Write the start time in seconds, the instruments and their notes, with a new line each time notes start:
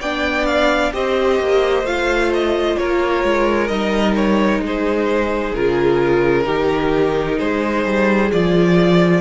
0.00 cello B3, viola D4, violin D5 G5
0.46 violin F5
0.92 cello C4, viola G4, violin C5 D#5
1.39 cello A#3
1.83 cello A3, viola F4, violin F5
2.33 violin D#5
2.77 cello A#3, violin A#4 C#5
3.23 cello G#3
3.67 cello G3, viola D#4, violin D#5
4.15 violin C#5
4.60 cello G#3, violin G#4
4.66 violin C5
5.54 cello C#3, viola F4, violin A#4
6.43 cello D#3, viola D#4, violin G4
7.38 cello G#3, violin G#4 C5
7.85 cello G3
8.31 cello F3, viola F4, violin D5